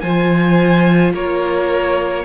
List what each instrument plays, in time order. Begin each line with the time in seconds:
0.00 cello F3, viola F4, violin C5 G#5
1.13 cello A#3, violin A#4 C#5